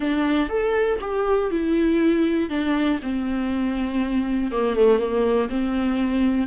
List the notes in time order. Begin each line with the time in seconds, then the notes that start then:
0.00 D4
0.49 A4
1.00 G4
1.50 E4
2.49 D4
3.02 C4
4.51 A#3
4.76 A3
4.98 A#3
5.49 C4